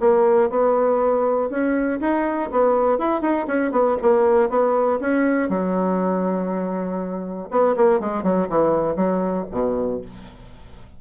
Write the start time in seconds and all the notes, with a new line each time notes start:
0.00 A#3
0.50 B3
1.50 C#4
2.00 D#4
2.51 B3
2.98 E4
3.22 D#4
3.47 C#4
3.72 B3
4.02 A#3
4.50 B3
5.00 C#4
5.49 F#3
7.51 B3
7.76 A#3
8.00 G#3
8.23 F#3
8.49 E3
8.96 F#3
9.51 B2